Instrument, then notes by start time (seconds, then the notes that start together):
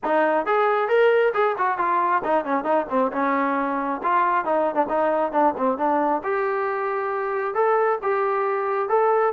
trombone
0.03 D#4
0.45 G#4
0.88 A#4
1.34 G#4
1.58 F#4
1.78 F4
2.24 D#4
2.44 C#4
2.63 D#4
2.89 C4
3.12 C#4
4.03 F4
4.44 D#4
4.74 D4
4.88 D#4
5.32 D4
5.57 C4
5.77 D4
6.23 G4
7.54 A4
8.02 G4
8.88 A4